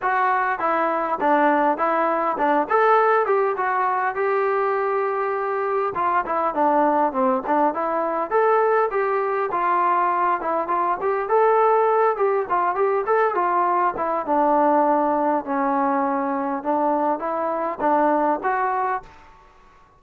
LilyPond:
\new Staff \with { instrumentName = "trombone" } { \time 4/4 \tempo 4 = 101 fis'4 e'4 d'4 e'4 | d'8 a'4 g'8 fis'4 g'4~ | g'2 f'8 e'8 d'4 | c'8 d'8 e'4 a'4 g'4 |
f'4. e'8 f'8 g'8 a'4~ | a'8 g'8 f'8 g'8 a'8 f'4 e'8 | d'2 cis'2 | d'4 e'4 d'4 fis'4 | }